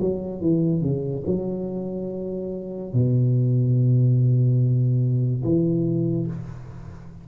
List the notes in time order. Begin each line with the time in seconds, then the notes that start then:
0.00 F#3
0.41 E3
0.81 C#3
1.27 F#3
2.93 B2
5.44 E3